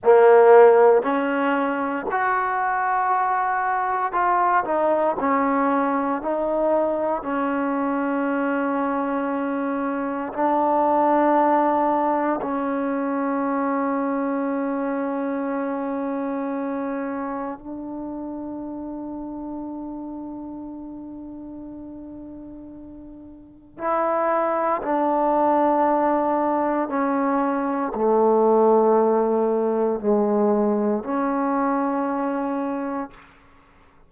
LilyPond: \new Staff \with { instrumentName = "trombone" } { \time 4/4 \tempo 4 = 58 ais4 cis'4 fis'2 | f'8 dis'8 cis'4 dis'4 cis'4~ | cis'2 d'2 | cis'1~ |
cis'4 d'2.~ | d'2. e'4 | d'2 cis'4 a4~ | a4 gis4 cis'2 | }